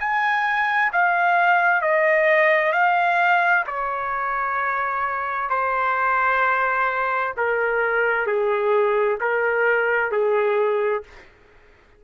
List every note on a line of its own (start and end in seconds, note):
0.00 0.92 G#5
0.93 1.82 F5
1.82 2.73 D#5
2.73 3.65 F5
3.67 5.50 C#5
5.50 7.35 C5
7.38 8.27 A#4
8.27 9.19 G#4
9.21 10.12 A#4
10.12 11.04 G#4